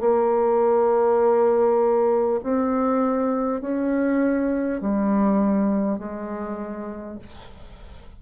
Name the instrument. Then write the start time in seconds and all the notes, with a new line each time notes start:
bassoon
0.00 A#3
2.43 C4
3.61 C#4
4.81 G3
5.98 G#3